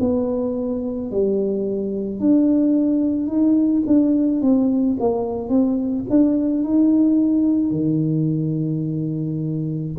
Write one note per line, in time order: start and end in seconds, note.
0.00 1.11 B3
1.11 2.20 G3
2.20 3.27 D4
3.27 3.83 D#4
3.87 4.42 D4
4.42 4.97 C4
5.00 5.49 A#3
5.49 6.05 C4
6.10 6.64 D4
6.64 7.71 D#4
7.71 9.93 D#3